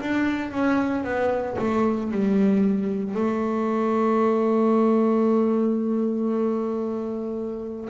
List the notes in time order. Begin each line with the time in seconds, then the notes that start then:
0.00 D4
0.51 C#4
1.04 B3
1.58 A3
2.11 G3
3.14 A3